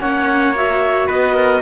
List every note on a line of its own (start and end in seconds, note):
0.00 1.09 A#3
0.00 0.55 C#4
0.00 1.07 C#5
0.00 0.55 F#5
0.56 1.62 F#4
0.56 1.09 E5
1.07 1.62 B3
1.07 1.35 B4
1.07 1.62 D#5
1.35 1.62 A#4